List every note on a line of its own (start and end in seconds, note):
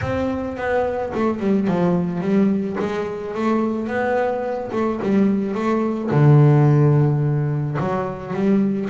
0.01 0.56 C4
0.56 1.12 B3
1.14 1.39 A3
1.39 1.67 G3
1.67 2.20 F3
2.20 2.76 G3
2.79 3.34 G#3
3.34 3.87 A3
3.87 4.70 B3
4.72 4.99 A3
5.02 5.54 G3
5.54 6.10 A3
6.10 7.77 D3
7.79 8.33 F#3
8.33 8.89 G3